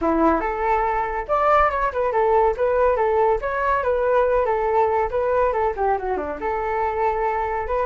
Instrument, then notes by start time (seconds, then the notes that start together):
flute
0.01 E4
0.40 A4
1.28 D5
1.70 C#5
1.92 B4
2.12 A4
2.56 B4
2.96 A4
3.41 C#5
3.83 B4
4.45 A4
5.10 B4
5.52 A4
5.76 G4
5.97 F#4
6.17 D4
6.40 A4
7.67 B4